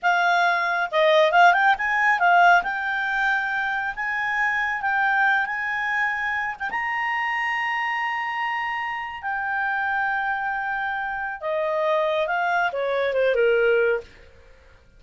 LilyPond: \new Staff \with { instrumentName = "clarinet" } { \time 4/4 \tempo 4 = 137 f''2 dis''4 f''8 g''8 | gis''4 f''4 g''2~ | g''4 gis''2 g''4~ | g''8 gis''2~ gis''8 g''16 ais''8.~ |
ais''1~ | ais''4 g''2.~ | g''2 dis''2 | f''4 cis''4 c''8 ais'4. | }